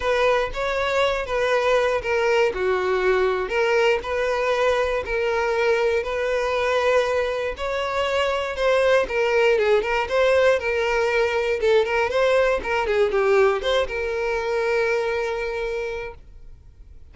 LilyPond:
\new Staff \with { instrumentName = "violin" } { \time 4/4 \tempo 4 = 119 b'4 cis''4. b'4. | ais'4 fis'2 ais'4 | b'2 ais'2 | b'2. cis''4~ |
cis''4 c''4 ais'4 gis'8 ais'8 | c''4 ais'2 a'8 ais'8 | c''4 ais'8 gis'8 g'4 c''8 ais'8~ | ais'1 | }